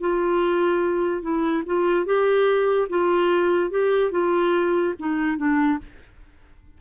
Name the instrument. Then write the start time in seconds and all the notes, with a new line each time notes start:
clarinet
0.00 F4
1.22 E4
1.66 F4
2.05 G4
2.89 F4
3.70 G4
4.11 F4
4.99 D#4
5.37 D4